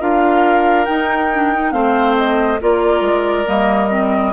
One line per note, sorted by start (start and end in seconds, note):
0.00 0.88 D4
0.00 0.86 F4
0.00 1.73 A#4
0.00 0.85 F5
0.85 1.29 D#4
0.85 1.73 D#4
0.85 1.71 G5
1.34 1.53 D4
1.53 1.72 D#4
1.71 2.60 A3
1.71 2.59 C4
1.71 2.60 C5
1.71 2.15 F5
2.17 2.60 D#5
2.61 3.01 A#3
2.61 3.45 F4
2.61 4.33 A#4
2.61 3.48 D5
3.01 3.44 G#3
3.45 4.33 G3
3.45 3.89 A#3
3.45 4.33 D#5
3.90 4.33 C4